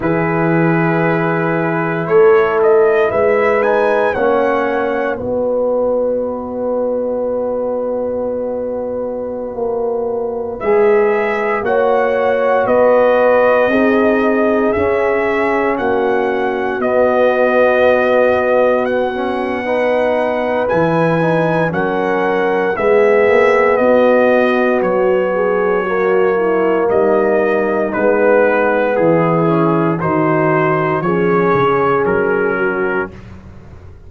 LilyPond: <<
  \new Staff \with { instrumentName = "trumpet" } { \time 4/4 \tempo 4 = 58 b'2 cis''8 dis''8 e''8 gis''8 | fis''4 dis''2.~ | dis''2~ dis''16 e''4 fis''8.~ | fis''16 dis''2 e''4 fis''8.~ |
fis''16 dis''2 fis''4.~ fis''16 | gis''4 fis''4 e''4 dis''4 | cis''2 dis''4 b'4 | gis'4 c''4 cis''4 ais'4 | }
  \new Staff \with { instrumentName = "horn" } { \time 4/4 gis'2 a'4 b'4 | cis''4 b'2.~ | b'2.~ b'16 cis''8.~ | cis''16 b'4 gis'2 fis'8.~ |
fis'2. b'4~ | b'4 ais'4 gis'4 fis'4~ | fis'8 gis'8 fis'8 e'8 dis'2 | e'4 fis'4 gis'4. fis'8 | }
  \new Staff \with { instrumentName = "trombone" } { \time 4/4 e'2.~ e'8 dis'8 | cis'4 fis'2.~ | fis'2~ fis'16 gis'4 fis'8.~ | fis'4~ fis'16 dis'4 cis'4.~ cis'16~ |
cis'16 b2~ b16 cis'8 dis'4 | e'8 dis'8 cis'4 b2~ | b4 ais2 b4~ | b8 cis'8 dis'4 cis'2 | }
  \new Staff \with { instrumentName = "tuba" } { \time 4/4 e2 a4 gis4 | ais4 b2.~ | b4~ b16 ais4 gis4 ais8.~ | ais16 b4 c'4 cis'4 ais8.~ |
ais16 b2.~ b8. | e4 fis4 gis8 ais8 b4 | fis2 g4 gis4 | e4 dis4 f8 cis8 fis4 | }
>>